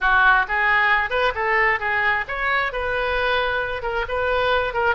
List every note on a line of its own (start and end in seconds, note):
0.00 0.46 F#4
0.48 1.10 G#4
1.10 1.32 B4
1.34 1.79 A4
1.79 2.24 G#4
2.28 2.72 C#5
2.72 3.82 B4
3.82 4.05 A#4
4.08 4.73 B4
4.73 4.95 A#4